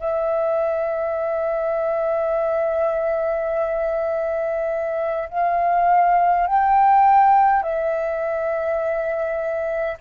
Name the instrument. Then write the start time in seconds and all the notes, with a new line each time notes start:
flute
0.00 E5
5.30 F5
6.48 G5
7.63 E5